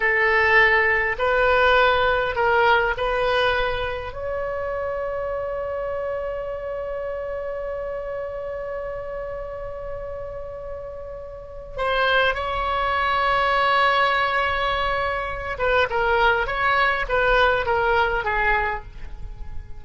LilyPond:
\new Staff \with { instrumentName = "oboe" } { \time 4/4 \tempo 4 = 102 a'2 b'2 | ais'4 b'2 cis''4~ | cis''1~ | cis''1~ |
cis''1 | c''4 cis''2.~ | cis''2~ cis''8 b'8 ais'4 | cis''4 b'4 ais'4 gis'4 | }